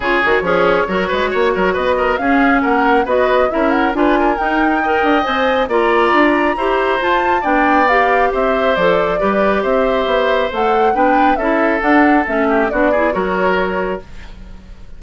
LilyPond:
<<
  \new Staff \with { instrumentName = "flute" } { \time 4/4 \tempo 4 = 137 cis''1 | dis''4 f''4 fis''4 dis''4 | e''8 fis''8 gis''4 g''2 | gis''4 ais''2. |
a''4 g''4 f''4 e''4 | d''2 e''2 | fis''4 g''4 e''4 fis''4 | e''4 d''4 cis''2 | }
  \new Staff \with { instrumentName = "oboe" } { \time 4/4 gis'4 cis'4 ais'8 b'8 cis''8 ais'8 | b'8 ais'8 gis'4 ais'4 b'4 | ais'4 b'8 ais'4. dis''4~ | dis''4 d''2 c''4~ |
c''4 d''2 c''4~ | c''4 b'4 c''2~ | c''4 b'4 a'2~ | a'8 g'8 fis'8 gis'8 ais'2 | }
  \new Staff \with { instrumentName = "clarinet" } { \time 4/4 f'8 fis'8 gis'4 fis'2~ | fis'4 cis'2 fis'4 | e'4 f'4 dis'4 ais'4 | c''4 f'2 g'4 |
f'4 d'4 g'2 | a'4 g'2. | a'4 d'4 e'4 d'4 | cis'4 d'8 e'8 fis'2 | }
  \new Staff \with { instrumentName = "bassoon" } { \time 4/4 cis8 dis8 f4 fis8 gis8 ais8 fis8 | b4 cis'4 ais4 b4 | cis'4 d'4 dis'4. d'8 | c'4 ais4 d'4 e'4 |
f'4 b2 c'4 | f4 g4 c'4 b4 | a4 b4 cis'4 d'4 | a4 b4 fis2 | }
>>